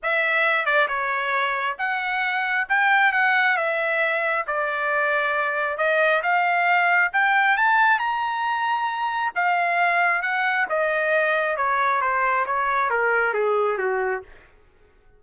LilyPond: \new Staff \with { instrumentName = "trumpet" } { \time 4/4 \tempo 4 = 135 e''4. d''8 cis''2 | fis''2 g''4 fis''4 | e''2 d''2~ | d''4 dis''4 f''2 |
g''4 a''4 ais''2~ | ais''4 f''2 fis''4 | dis''2 cis''4 c''4 | cis''4 ais'4 gis'4 fis'4 | }